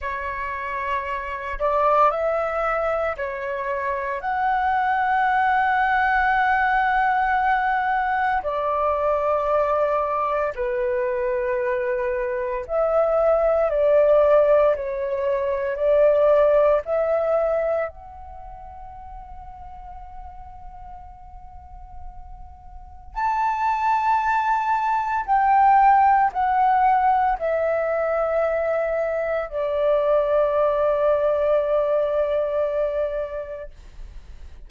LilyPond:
\new Staff \with { instrumentName = "flute" } { \time 4/4 \tempo 4 = 57 cis''4. d''8 e''4 cis''4 | fis''1 | d''2 b'2 | e''4 d''4 cis''4 d''4 |
e''4 fis''2.~ | fis''2 a''2 | g''4 fis''4 e''2 | d''1 | }